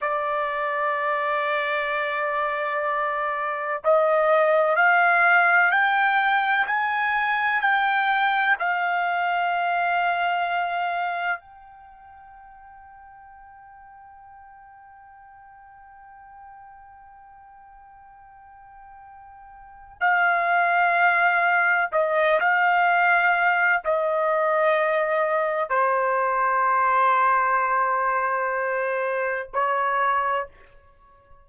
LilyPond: \new Staff \with { instrumentName = "trumpet" } { \time 4/4 \tempo 4 = 63 d''1 | dis''4 f''4 g''4 gis''4 | g''4 f''2. | g''1~ |
g''1~ | g''4 f''2 dis''8 f''8~ | f''4 dis''2 c''4~ | c''2. cis''4 | }